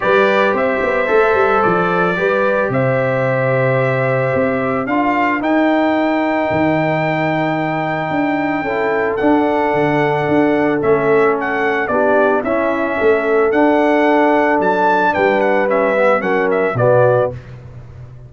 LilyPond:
<<
  \new Staff \with { instrumentName = "trumpet" } { \time 4/4 \tempo 4 = 111 d''4 e''2 d''4~ | d''4 e''2.~ | e''4 f''4 g''2~ | g''1~ |
g''4 fis''2. | e''4 fis''4 d''4 e''4~ | e''4 fis''2 a''4 | g''8 fis''8 e''4 fis''8 e''8 d''4 | }
  \new Staff \with { instrumentName = "horn" } { \time 4/4 b'4 c''2. | b'4 c''2.~ | c''4 ais'2.~ | ais'1 |
a'1~ | a'2 g'4 e'4 | a'1 | b'2 ais'4 fis'4 | }
  \new Staff \with { instrumentName = "trombone" } { \time 4/4 g'2 a'2 | g'1~ | g'4 f'4 dis'2~ | dis'1 |
e'4 d'2. | cis'2 d'4 cis'4~ | cis'4 d'2.~ | d'4 cis'8 b8 cis'4 b4 | }
  \new Staff \with { instrumentName = "tuba" } { \time 4/4 g4 c'8 b8 a8 g8 f4 | g4 c2. | c'4 d'4 dis'2 | dis2. d'4 |
cis'4 d'4 d4 d'4 | a2 b4 cis'4 | a4 d'2 fis4 | g2 fis4 b,4 | }
>>